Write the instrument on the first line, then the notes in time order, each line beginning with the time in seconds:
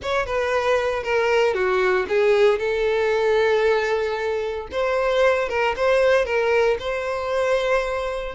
violin
0.02 C#5
0.25 B4
1.03 A#4
1.54 F#4
2.08 G#4
2.58 A4
4.71 C5
5.48 A#4
5.76 C5
6.25 A#4
6.79 C5